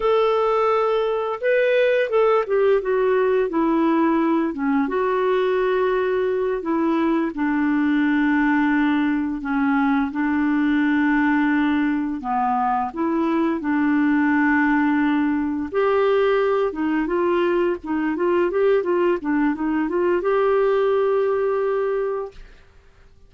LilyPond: \new Staff \with { instrumentName = "clarinet" } { \time 4/4 \tempo 4 = 86 a'2 b'4 a'8 g'8 | fis'4 e'4. cis'8 fis'4~ | fis'4. e'4 d'4.~ | d'4. cis'4 d'4.~ |
d'4. b4 e'4 d'8~ | d'2~ d'8 g'4. | dis'8 f'4 dis'8 f'8 g'8 f'8 d'8 | dis'8 f'8 g'2. | }